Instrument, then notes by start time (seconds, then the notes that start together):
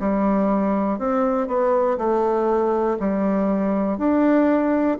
bassoon
0.00 G3
0.98 C4
1.47 B3
1.97 A3
3.00 G3
3.97 D4